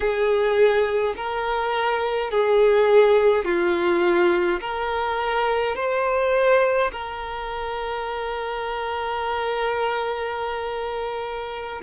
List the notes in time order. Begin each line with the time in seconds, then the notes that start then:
0.00 G#4
1.16 A#4
2.31 G#4
3.44 F4
4.60 A#4
5.75 C5
6.91 A#4